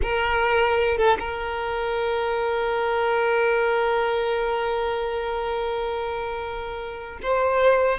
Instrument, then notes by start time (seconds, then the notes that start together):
violin
0.02 A#4
0.97 A4
1.19 A#4
7.22 C5